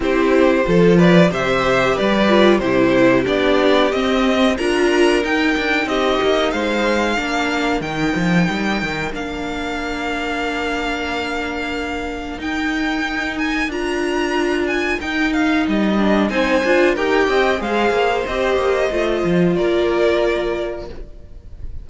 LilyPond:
<<
  \new Staff \with { instrumentName = "violin" } { \time 4/4 \tempo 4 = 92 c''4. d''8 e''4 d''4 | c''4 d''4 dis''4 ais''4 | g''4 dis''4 f''2 | g''2 f''2~ |
f''2. g''4~ | g''8 gis''8 ais''4. gis''8 g''8 f''8 | dis''4 gis''4 g''4 f''4 | dis''2 d''2 | }
  \new Staff \with { instrumentName = "violin" } { \time 4/4 g'4 a'8 b'8 c''4 b'4 | g'2. ais'4~ | ais'4 g'4 c''4 ais'4~ | ais'1~ |
ais'1~ | ais'1~ | ais'4 c''4 ais'8 dis''8 c''4~ | c''2 ais'2 | }
  \new Staff \with { instrumentName = "viola" } { \time 4/4 e'4 f'4 g'4. f'8 | e'4 d'4 c'4 f'4 | dis'2. d'4 | dis'2 d'2~ |
d'2. dis'4~ | dis'4 f'2 dis'4~ | dis'8 d'8 dis'8 f'8 g'4 gis'4 | g'4 f'2. | }
  \new Staff \with { instrumentName = "cello" } { \time 4/4 c'4 f4 c4 g4 | c4 b4 c'4 d'4 | dis'8 d'8 c'8 ais8 gis4 ais4 | dis8 f8 g8 dis8 ais2~ |
ais2. dis'4~ | dis'4 d'2 dis'4 | g4 c'8 d'8 dis'8 c'8 gis8 ais8 | c'8 ais8 a8 f8 ais2 | }
>>